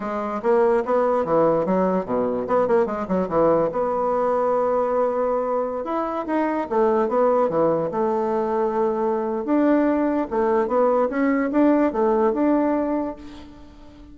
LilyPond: \new Staff \with { instrumentName = "bassoon" } { \time 4/4 \tempo 4 = 146 gis4 ais4 b4 e4 | fis4 b,4 b8 ais8 gis8 fis8 | e4 b2.~ | b2~ b16 e'4 dis'8.~ |
dis'16 a4 b4 e4 a8.~ | a2. d'4~ | d'4 a4 b4 cis'4 | d'4 a4 d'2 | }